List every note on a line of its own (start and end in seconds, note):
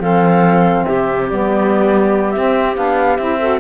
0.00 0.85 F3
0.00 1.28 C4
0.00 0.86 A4
0.00 0.85 F5
0.85 1.31 C3
0.85 3.39 G4
0.85 1.27 E5
1.30 2.36 G3
1.30 2.36 B3
1.30 2.32 D5
2.32 2.77 C4
2.32 2.76 C4
2.32 2.74 E5
2.76 3.18 B3
2.76 3.18 D4
2.76 3.17 F5
3.17 3.60 C4
3.17 3.39 E4
3.17 3.60 E5
3.39 3.60 F#4
3.39 3.60 A4